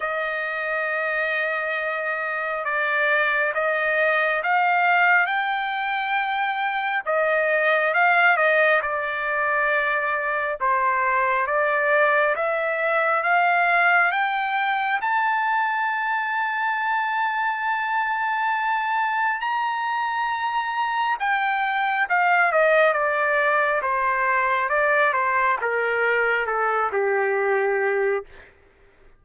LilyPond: \new Staff \with { instrumentName = "trumpet" } { \time 4/4 \tempo 4 = 68 dis''2. d''4 | dis''4 f''4 g''2 | dis''4 f''8 dis''8 d''2 | c''4 d''4 e''4 f''4 |
g''4 a''2.~ | a''2 ais''2 | g''4 f''8 dis''8 d''4 c''4 | d''8 c''8 ais'4 a'8 g'4. | }